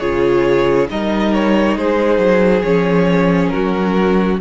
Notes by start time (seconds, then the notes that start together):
0.00 C#3 F4 G#4 C#5
0.89 G3 D#4 A#4 D#5
1.34 C#5
1.77 G#3 G#4 C5
2.19 F#3
2.63 F3 C#4 C#5
3.49 F#4 A#4
3.56 F#3